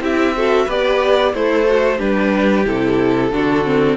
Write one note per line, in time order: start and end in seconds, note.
0.00 0.66 C4
0.00 0.34 E4
0.00 0.35 G4
0.00 0.70 E5
0.35 0.68 F#4
0.35 0.65 A4
0.65 1.34 B3
0.65 1.34 G4
0.65 1.31 B4
0.65 1.34 D5
1.34 2.00 A3
1.34 1.67 E4
1.34 1.98 A4
1.34 2.00 C5
1.68 1.97 F#4
1.97 2.66 G3
1.97 2.64 D4
1.97 3.29 G4
1.97 2.66 B4
2.65 3.31 C3
2.65 3.31 E4
2.65 3.96 A4
3.31 3.96 D3
3.31 3.64 D4
3.31 3.96 F#4
3.64 3.96 C4